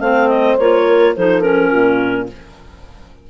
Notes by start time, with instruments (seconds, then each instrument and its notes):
0.00 bassoon A3, clarinet C4 F5, horn C5
0.28 clarinet D#5
0.58 bassoon A#3, clarinet F4 C#5
0.87 horn A#4
1.16 bassoon F3, clarinet D#4 C5, horn A4
1.42 clarinet C#4 A#4
1.72 bassoon A#2, horn F4